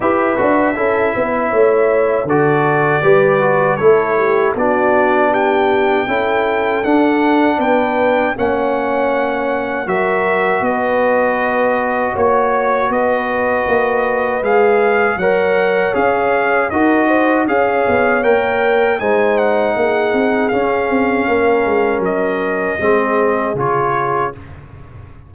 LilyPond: <<
  \new Staff \with { instrumentName = "trumpet" } { \time 4/4 \tempo 4 = 79 e''2. d''4~ | d''4 cis''4 d''4 g''4~ | g''4 fis''4 g''4 fis''4~ | fis''4 e''4 dis''2 |
cis''4 dis''2 f''4 | fis''4 f''4 dis''4 f''4 | g''4 gis''8 fis''4. f''4~ | f''4 dis''2 cis''4 | }
  \new Staff \with { instrumentName = "horn" } { \time 4/4 b'4 a'8 b'8 cis''4 a'4 | b'4 a'8 g'8 fis'4 g'4 | a'2 b'4 cis''4~ | cis''4 ais'4 b'2 |
cis''4 b'2. | cis''2 ais'8 c''8 cis''4~ | cis''4 c''4 gis'2 | ais'2 gis'2 | }
  \new Staff \with { instrumentName = "trombone" } { \time 4/4 g'8 fis'8 e'2 fis'4 | g'8 fis'8 e'4 d'2 | e'4 d'2 cis'4~ | cis'4 fis'2.~ |
fis'2. gis'4 | ais'4 gis'4 fis'4 gis'4 | ais'4 dis'2 cis'4~ | cis'2 c'4 f'4 | }
  \new Staff \with { instrumentName = "tuba" } { \time 4/4 e'8 d'8 cis'8 b8 a4 d4 | g4 a4 b2 | cis'4 d'4 b4 ais4~ | ais4 fis4 b2 |
ais4 b4 ais4 gis4 | fis4 cis'4 dis'4 cis'8 b8 | ais4 gis4 ais8 c'8 cis'8 c'8 | ais8 gis8 fis4 gis4 cis4 | }
>>